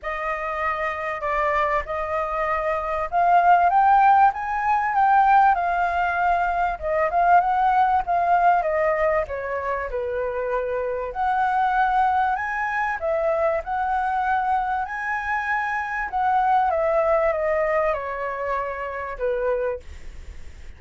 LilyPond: \new Staff \with { instrumentName = "flute" } { \time 4/4 \tempo 4 = 97 dis''2 d''4 dis''4~ | dis''4 f''4 g''4 gis''4 | g''4 f''2 dis''8 f''8 | fis''4 f''4 dis''4 cis''4 |
b'2 fis''2 | gis''4 e''4 fis''2 | gis''2 fis''4 e''4 | dis''4 cis''2 b'4 | }